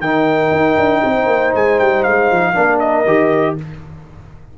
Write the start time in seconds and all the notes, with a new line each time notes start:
0.00 D#3 D#4 A#4 G5
0.52 D#4
0.77 D4
1.04 C4 C5
1.27 A#3
1.55 G#3 G#5
1.79 G3 G5
2.03 G#3 F5
2.31 F3
2.54 A#3 D4 A#4
2.80 D#5
3.06 D#3 G4